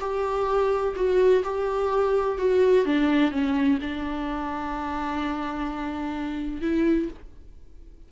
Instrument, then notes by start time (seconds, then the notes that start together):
viola
0.00 G4
0.96 F#4
1.43 G4
2.38 F#4
2.85 D4
3.31 C#4
3.81 D4
6.61 E4